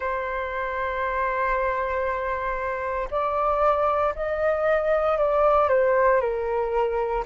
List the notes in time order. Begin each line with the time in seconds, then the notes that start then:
0.00 C5
3.10 D5
4.15 D#5
5.18 D5
5.68 C5
6.20 A#4